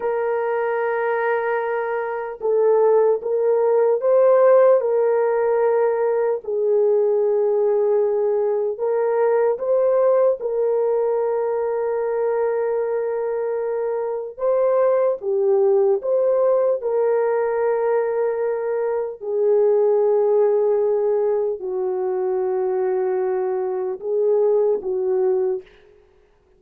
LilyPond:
\new Staff \with { instrumentName = "horn" } { \time 4/4 \tempo 4 = 75 ais'2. a'4 | ais'4 c''4 ais'2 | gis'2. ais'4 | c''4 ais'2.~ |
ais'2 c''4 g'4 | c''4 ais'2. | gis'2. fis'4~ | fis'2 gis'4 fis'4 | }